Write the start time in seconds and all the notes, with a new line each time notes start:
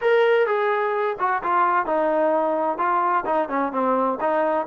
0.01 A#4
0.46 G#4
1.19 F#4
1.43 F4
1.86 D#4
2.77 F4
3.25 D#4
3.49 C#4
3.72 C4
4.20 D#4